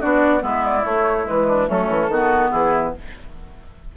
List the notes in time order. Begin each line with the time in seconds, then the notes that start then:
0.00 B3 D4 F#4 D5
0.39 G#3 B3 E4 E5
0.65 D5
0.85 A3 C#5
1.24 G#3 B4
1.30 E3
1.47 D4
1.67 F#3 A3 C#4 A4
1.89 E3
2.08 D#3 B3 F#4
2.50 E3 E4 G#4